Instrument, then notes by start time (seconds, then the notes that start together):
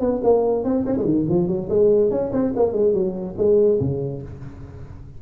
tuba
0.00 B3
0.23 A#3
0.64 C4
0.86 C#4
0.97 G#3
1.04 D#3
1.28 F3
1.48 F#3
1.69 G#3
2.10 C#4
2.32 C4
2.56 A#3
2.72 G#3
2.93 F#3
3.37 G#3
3.80 C#3